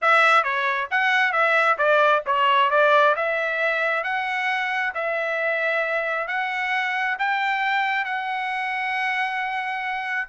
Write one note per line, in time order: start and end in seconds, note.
0.01 0.43 E5
0.43 0.88 C#5
0.91 1.32 F#5
1.32 1.77 E5
1.77 2.22 D5
2.26 2.70 C#5
2.70 3.15 D5
3.16 4.03 E5
4.03 4.93 F#5
4.94 6.27 E5
6.27 7.17 F#5
7.18 8.04 G5
8.04 10.28 F#5